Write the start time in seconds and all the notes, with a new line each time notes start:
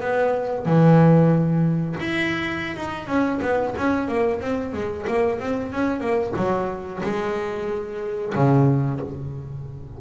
0.00 B3
0.65 E3
1.99 E4
2.76 D#4
3.07 C#4
3.42 B3
3.77 C#4
4.08 A#3
4.41 C4
4.73 G#3
5.07 A#3
5.40 C4
5.72 C#4
6.00 A#3
6.36 F#3
7.03 G#3
8.35 C#3